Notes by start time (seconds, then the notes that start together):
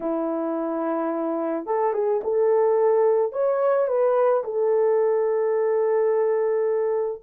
0.00 E4
1.65 A4
1.93 G#4
2.23 A4
3.32 C#5
3.87 B4
4.44 A4